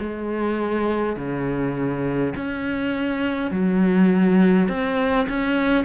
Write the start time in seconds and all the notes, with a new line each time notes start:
0.00 G#3
1.17 C#3
2.36 C#4
3.51 F#3
4.68 C4
5.29 C#4